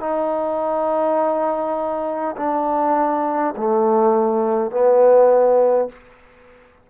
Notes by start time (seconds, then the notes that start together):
0.00 D#4
2.36 D4
3.57 A3
4.71 B3